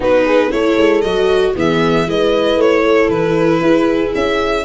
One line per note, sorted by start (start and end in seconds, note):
0.00 0.51 B3
0.00 0.50 D#4
0.00 0.25 F#4
0.00 0.51 B4
0.25 0.51 G#4
0.50 0.77 A3
0.50 1.02 E4
0.50 1.55 A4
0.50 1.01 C#5
0.77 1.03 G#3
1.01 1.55 F#3
1.01 1.55 F#4
1.01 1.52 D#5
1.55 2.06 E3
1.55 2.06 B3
1.55 2.06 G#4
1.55 2.09 E5
2.06 2.56 G#3
2.06 4.65 E4
2.06 2.83 B4
2.06 2.60 D#5
2.56 3.07 A3
2.56 3.09 C#5
2.83 3.60 A4
3.09 3.60 E3
3.09 4.12 B4
3.60 4.12 E4
3.60 4.65 G#4
4.14 4.65 C#4
4.14 4.65 E5